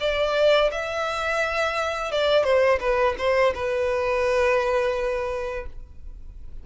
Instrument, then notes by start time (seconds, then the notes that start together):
violin
0.00 D5
0.71 E5
2.11 D5
2.44 C5
2.80 B4
3.18 C5
3.54 B4